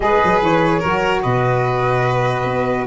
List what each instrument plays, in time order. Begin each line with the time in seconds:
0.00 tuba G#3, saxophone G#4, violin B4, flute D#5
0.23 tuba F#3
0.42 tuba E3, flute C#5
0.79 tuba F#3, saxophone F#4, violin A#4
1.22 tuba B2, violin B4, flute D#5
2.44 tuba B3